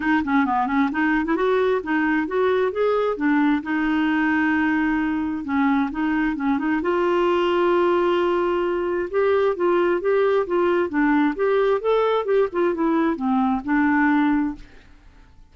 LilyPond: \new Staff \with { instrumentName = "clarinet" } { \time 4/4 \tempo 4 = 132 dis'8 cis'8 b8 cis'8 dis'8. e'16 fis'4 | dis'4 fis'4 gis'4 d'4 | dis'1 | cis'4 dis'4 cis'8 dis'8 f'4~ |
f'1 | g'4 f'4 g'4 f'4 | d'4 g'4 a'4 g'8 f'8 | e'4 c'4 d'2 | }